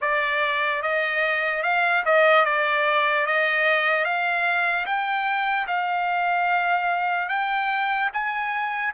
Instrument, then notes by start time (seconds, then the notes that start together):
trumpet
0.01 D5
0.82 D#5
1.63 F5
2.05 D#5
2.45 D5
3.26 D#5
4.04 F5
4.85 G5
5.67 F5
7.29 G5
8.13 G#5